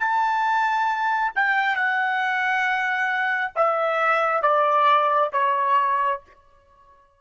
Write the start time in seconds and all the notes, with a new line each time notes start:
0.00 A5
1.36 G5
1.76 F#5
3.56 E5
4.42 D5
5.33 C#5